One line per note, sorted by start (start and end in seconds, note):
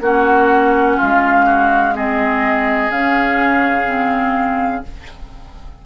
0.00 0.97 A#3
0.00 1.94 C#4
0.00 0.96 F#4
0.00 1.00 F#5
0.96 2.89 G#3
0.96 1.45 F4
0.96 1.96 F5
1.45 1.94 F#4
1.94 2.91 C4
1.94 4.85 G#4
1.94 2.90 D#5
2.89 4.83 C#3
2.89 3.86 C#4
2.89 4.84 F5
3.86 4.82 C4